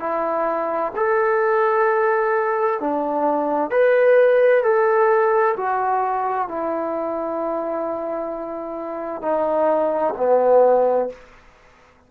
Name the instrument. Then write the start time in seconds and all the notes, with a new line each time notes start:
trombone
0.00 E4
0.96 A4
2.80 D4
3.71 B4
4.63 A4
5.57 F#4
6.48 E4
9.22 D#4
10.17 B3